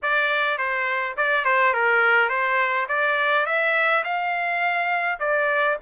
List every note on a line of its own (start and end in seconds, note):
0.02 0.58 D5
0.58 1.15 C5
1.16 1.44 D5
1.44 1.73 C5
1.73 2.29 A#4
2.29 2.86 C5
2.88 3.46 D5
3.46 4.03 E5
4.04 5.19 F5
5.19 5.77 D5